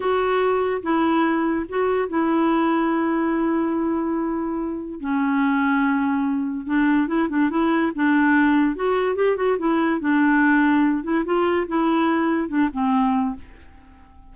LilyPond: \new Staff \with { instrumentName = "clarinet" } { \time 4/4 \tempo 4 = 144 fis'2 e'2 | fis'4 e'2.~ | e'1 | cis'1 |
d'4 e'8 d'8 e'4 d'4~ | d'4 fis'4 g'8 fis'8 e'4 | d'2~ d'8 e'8 f'4 | e'2 d'8 c'4. | }